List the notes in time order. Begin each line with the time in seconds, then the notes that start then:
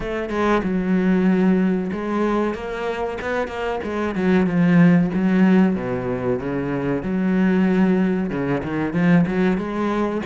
0.00 A3
0.29 G#3
0.63 F#3
1.92 G#3
2.54 A#3
3.21 B3
3.47 A#3
3.83 G#3
4.15 F#3
4.46 F3
5.14 F#3
5.75 B2
6.39 C#3
7.02 F#3
8.30 C#3
8.63 D#3
8.93 F3
9.27 F#3
9.57 G#3